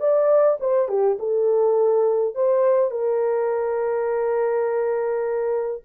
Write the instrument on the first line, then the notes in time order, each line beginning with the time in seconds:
horn
0.00 D5
0.60 C5
0.89 G4
1.19 A4
2.35 C5
2.91 A#4